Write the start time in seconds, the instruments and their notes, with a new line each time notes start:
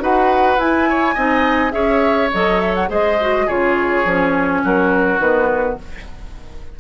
0.00 bassoon D#4, clarinet F#4, oboe B4, flute F#5
0.58 bassoon E4, clarinet E4, flute G#5
0.90 oboe C#5
1.15 bassoon C4, clarinet D#4, oboe D#5
1.71 bassoon C#4, clarinet G#4, oboe C#5, flute E5
2.34 bassoon F#3, clarinet A4, flute D#5
2.61 flute E5
2.75 flute F#5
2.88 bassoon G#3, clarinet G#4, oboe C5, flute D#5
3.21 clarinet F#4
3.46 bassoon C#3, clarinet F4, oboe G#4, flute C#5
4.05 bassoon F3, clarinet C#4
4.65 bassoon F#3, oboe F#4, flute A#4
5.19 bassoon D#3, clarinet B3, flute B4